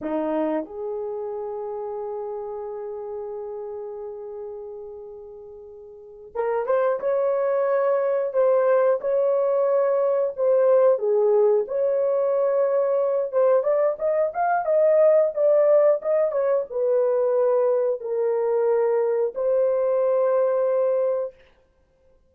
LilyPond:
\new Staff \with { instrumentName = "horn" } { \time 4/4 \tempo 4 = 90 dis'4 gis'2.~ | gis'1~ | gis'4. ais'8 c''8 cis''4.~ | cis''8 c''4 cis''2 c''8~ |
c''8 gis'4 cis''2~ cis''8 | c''8 d''8 dis''8 f''8 dis''4 d''4 | dis''8 cis''8 b'2 ais'4~ | ais'4 c''2. | }